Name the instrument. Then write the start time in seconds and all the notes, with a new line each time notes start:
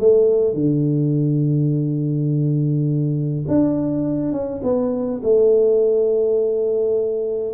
tuba
0.00 A3
0.54 D3
3.48 D4
4.33 C#4
4.63 B3
5.23 A3